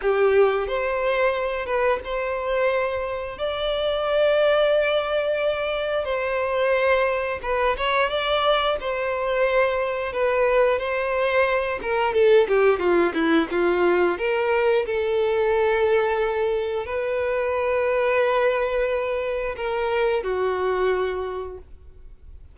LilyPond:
\new Staff \with { instrumentName = "violin" } { \time 4/4 \tempo 4 = 89 g'4 c''4. b'8 c''4~ | c''4 d''2.~ | d''4 c''2 b'8 cis''8 | d''4 c''2 b'4 |
c''4. ais'8 a'8 g'8 f'8 e'8 | f'4 ais'4 a'2~ | a'4 b'2.~ | b'4 ais'4 fis'2 | }